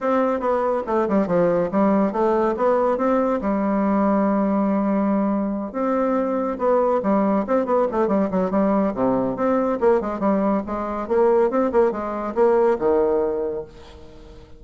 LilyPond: \new Staff \with { instrumentName = "bassoon" } { \time 4/4 \tempo 4 = 141 c'4 b4 a8 g8 f4 | g4 a4 b4 c'4 | g1~ | g4. c'2 b8~ |
b8 g4 c'8 b8 a8 g8 fis8 | g4 c4 c'4 ais8 gis8 | g4 gis4 ais4 c'8 ais8 | gis4 ais4 dis2 | }